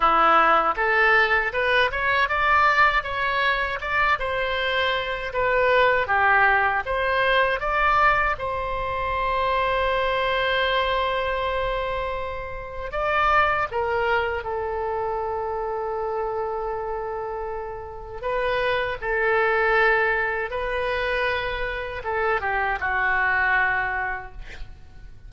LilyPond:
\new Staff \with { instrumentName = "oboe" } { \time 4/4 \tempo 4 = 79 e'4 a'4 b'8 cis''8 d''4 | cis''4 d''8 c''4. b'4 | g'4 c''4 d''4 c''4~ | c''1~ |
c''4 d''4 ais'4 a'4~ | a'1 | b'4 a'2 b'4~ | b'4 a'8 g'8 fis'2 | }